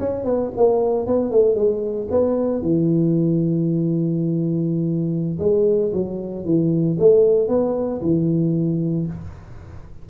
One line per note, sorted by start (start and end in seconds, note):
0.00 0.25 C#4
0.25 0.51 B3
0.57 1.07 A#3
1.07 1.31 B3
1.31 1.56 A3
1.56 2.08 G#3
2.11 2.62 B3
2.62 5.39 E3
5.40 5.92 G#3
5.94 6.45 F#3
6.45 6.98 E3
7.00 7.49 A3
7.49 8.01 B3
8.02 9.07 E3